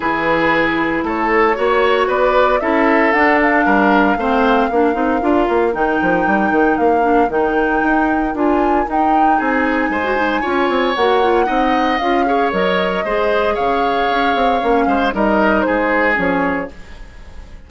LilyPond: <<
  \new Staff \with { instrumentName = "flute" } { \time 4/4 \tempo 4 = 115 b'2 cis''2 | d''4 e''4 fis''8 f''4.~ | f''2. g''4~ | g''4 f''4 g''2 |
gis''4 g''4 gis''2~ | gis''4 fis''2 f''4 | dis''2 f''2~ | f''4 dis''4 c''4 cis''4 | }
  \new Staff \with { instrumentName = "oboe" } { \time 4/4 gis'2 a'4 cis''4 | b'4 a'2 ais'4 | c''4 ais'2.~ | ais'1~ |
ais'2 gis'4 c''4 | cis''2 dis''4. cis''8~ | cis''4 c''4 cis''2~ | cis''8 c''8 ais'4 gis'2 | }
  \new Staff \with { instrumentName = "clarinet" } { \time 4/4 e'2. fis'4~ | fis'4 e'4 d'2 | c'4 d'8 dis'8 f'4 dis'4~ | dis'4. d'8 dis'2 |
f'4 dis'2~ dis'16 fis'16 dis'8 | f'4 fis'8 f'8 dis'4 f'8 gis'8 | ais'4 gis'2. | cis'4 dis'2 cis'4 | }
  \new Staff \with { instrumentName = "bassoon" } { \time 4/4 e2 a4 ais4 | b4 cis'4 d'4 g4 | a4 ais8 c'8 d'8 ais8 dis8 f8 | g8 dis8 ais4 dis4 dis'4 |
d'4 dis'4 c'4 gis4 | cis'8 c'8 ais4 c'4 cis'4 | fis4 gis4 cis4 cis'8 c'8 | ais8 gis8 g4 gis4 f4 | }
>>